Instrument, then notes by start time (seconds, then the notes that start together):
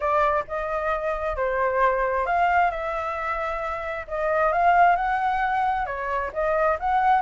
flute
0.00 D5
0.47 D#5
1.36 C5
2.26 F5
2.71 E5
4.07 D#5
4.52 F5
4.96 F#5
5.86 C#5
6.33 D#5
6.79 F#5